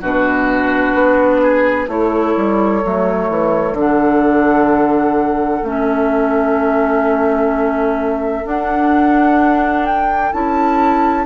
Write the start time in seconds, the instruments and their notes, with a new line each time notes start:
0.00 bassoon B2, clarinet D4, oboe F#4, flute B4
0.94 bassoon B3
1.42 oboe G#4
1.87 bassoon A3, clarinet E4, oboe A4, flute C#5
2.36 bassoon G3
2.83 bassoon F#3, clarinet A3
3.29 bassoon E3
3.72 bassoon D3, clarinet D4, flute F#5
5.63 bassoon A3, clarinet C#4, flute E5
8.43 clarinet D4, bassoon D4, flute F#5
9.86 flute G5
10.32 bassoon C#4, clarinet E4, flute A5